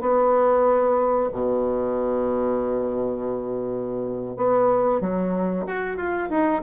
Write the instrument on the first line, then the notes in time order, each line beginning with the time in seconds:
bassoon
0.00 B3
1.32 B2
4.36 B3
5.00 F#3
5.66 F#4
5.96 F4
6.29 D#4